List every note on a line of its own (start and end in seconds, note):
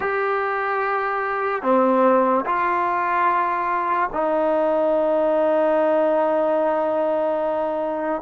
0.00 1.62 G4
1.62 2.44 C4
2.45 4.09 F4
4.12 8.22 D#4